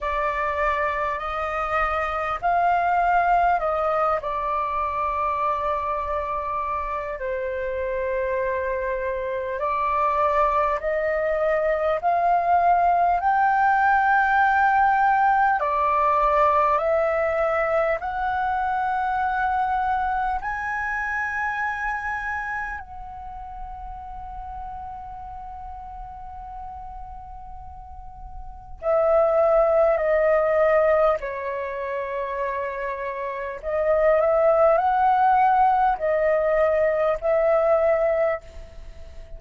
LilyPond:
\new Staff \with { instrumentName = "flute" } { \time 4/4 \tempo 4 = 50 d''4 dis''4 f''4 dis''8 d''8~ | d''2 c''2 | d''4 dis''4 f''4 g''4~ | g''4 d''4 e''4 fis''4~ |
fis''4 gis''2 fis''4~ | fis''1 | e''4 dis''4 cis''2 | dis''8 e''8 fis''4 dis''4 e''4 | }